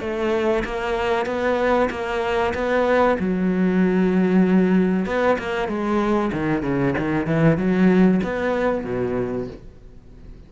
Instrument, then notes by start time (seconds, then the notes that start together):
cello
0.00 A3
0.64 A#3
1.25 B3
1.90 A#3
2.54 B3
3.19 F#3
5.06 B3
5.38 A#3
5.68 G#3
6.32 D#3
6.62 C#3
6.98 D#3
7.26 E3
7.57 F#3
8.23 B3
8.84 B2